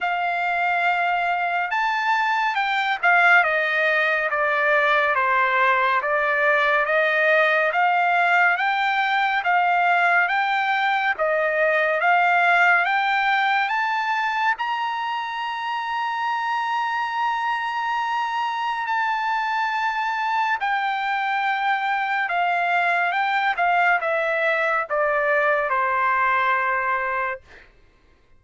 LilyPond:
\new Staff \with { instrumentName = "trumpet" } { \time 4/4 \tempo 4 = 70 f''2 a''4 g''8 f''8 | dis''4 d''4 c''4 d''4 | dis''4 f''4 g''4 f''4 | g''4 dis''4 f''4 g''4 |
a''4 ais''2.~ | ais''2 a''2 | g''2 f''4 g''8 f''8 | e''4 d''4 c''2 | }